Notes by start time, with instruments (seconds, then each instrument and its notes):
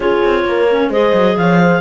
0.00 cello C#4, clarinet F4 C#5, horn G#4
0.24 cello C4
0.45 cello A#3, horn A#4
0.70 clarinet C#4
0.89 cello G#3, clarinet G#4 D#5, horn C5
1.13 cello F#3
1.36 cello F3, horn C#5, clarinet F5
1.60 horn C5